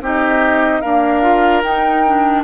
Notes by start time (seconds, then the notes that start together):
0.00 C4 D#4 G4 D#5
0.81 A#3 D4 A#4 F5
1.21 F4
1.62 D#4 G5
2.06 D4